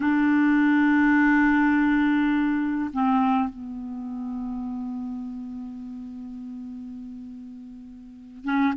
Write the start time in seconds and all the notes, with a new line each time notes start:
0.00 D4
2.93 C4
3.49 B3
8.44 C#4